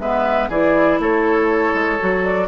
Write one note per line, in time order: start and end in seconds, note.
0.00 0.50 G#3
0.00 0.51 B3
0.00 0.49 B4
0.00 0.50 E5
0.49 0.99 E3
0.49 2.00 E4
0.49 0.99 G#4
0.49 1.00 D5
0.99 1.74 A3
0.99 2.48 A4
0.99 2.24 C#5
1.74 1.99 G#3
2.00 2.48 F#3
2.00 2.48 F#4
2.24 2.48 D5